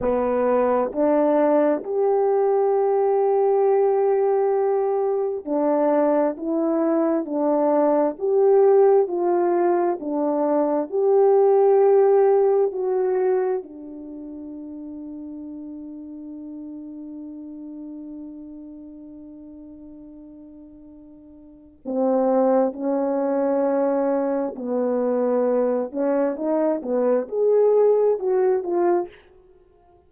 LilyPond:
\new Staff \with { instrumentName = "horn" } { \time 4/4 \tempo 4 = 66 b4 d'4 g'2~ | g'2 d'4 e'4 | d'4 g'4 f'4 d'4 | g'2 fis'4 d'4~ |
d'1~ | d'1 | c'4 cis'2 b4~ | b8 cis'8 dis'8 b8 gis'4 fis'8 f'8 | }